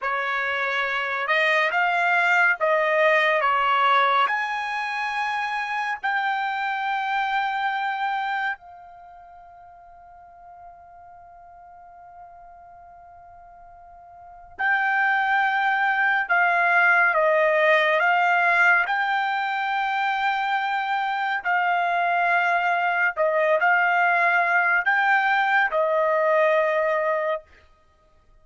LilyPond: \new Staff \with { instrumentName = "trumpet" } { \time 4/4 \tempo 4 = 70 cis''4. dis''8 f''4 dis''4 | cis''4 gis''2 g''4~ | g''2 f''2~ | f''1~ |
f''4 g''2 f''4 | dis''4 f''4 g''2~ | g''4 f''2 dis''8 f''8~ | f''4 g''4 dis''2 | }